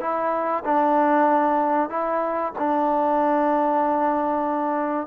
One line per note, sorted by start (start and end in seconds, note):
0.00 0.63 E4
0.65 1.89 D4
1.89 2.53 E4
2.58 5.07 D4